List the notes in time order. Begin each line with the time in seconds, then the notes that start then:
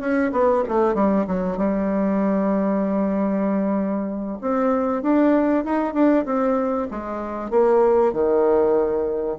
0.00 C#4
0.32 B3
0.68 A3
0.95 G3
1.27 F#3
1.57 G3
4.41 C4
5.03 D4
5.64 D#4
5.93 D4
6.25 C4
6.91 G#3
7.51 A#3
8.13 D#3